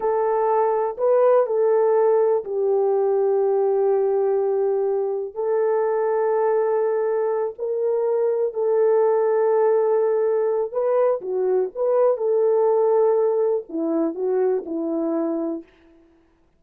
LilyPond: \new Staff \with { instrumentName = "horn" } { \time 4/4 \tempo 4 = 123 a'2 b'4 a'4~ | a'4 g'2.~ | g'2. a'4~ | a'2.~ a'8 ais'8~ |
ais'4. a'2~ a'8~ | a'2 b'4 fis'4 | b'4 a'2. | e'4 fis'4 e'2 | }